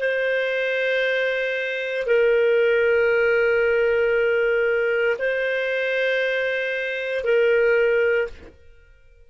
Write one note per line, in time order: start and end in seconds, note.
0.00 2.07 C5
2.07 5.17 A#4
5.20 7.25 C5
7.25 8.28 A#4